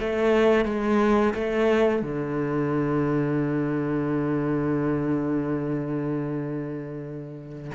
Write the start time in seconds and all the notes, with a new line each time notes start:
0.00 A3
0.65 G#3
1.34 A3
2.02 D3